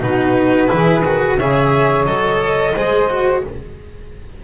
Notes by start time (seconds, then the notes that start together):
0.00 B2 D#4 F#4 B4
0.67 E3 E4 G#4
1.04 D#3 F#4
1.37 C#3 G#4 C#5 E5
2.05 F#3 A4 D#5
2.75 G#3 G#4 C5
3.09 F#4